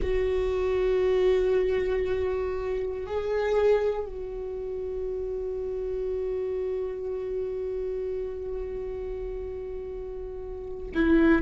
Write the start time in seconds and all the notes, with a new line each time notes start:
0.02 F#4
3.06 G#4
4.05 F#4
10.94 E4